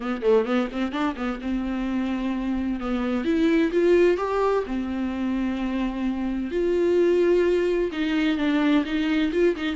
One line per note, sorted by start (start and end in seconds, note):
0.00 0.22 B3
0.22 0.45 A3
0.45 0.68 B3
0.71 0.92 C4
0.92 1.15 D4
1.16 1.39 B3
1.41 2.79 C4
2.79 3.24 B3
3.24 3.71 E4
3.71 4.17 F4
4.17 4.63 G4
4.66 6.51 C4
6.51 7.90 F4
7.92 8.37 D#4
8.37 8.84 D4
8.85 9.31 D#4
9.32 9.55 F4
9.56 9.76 D#4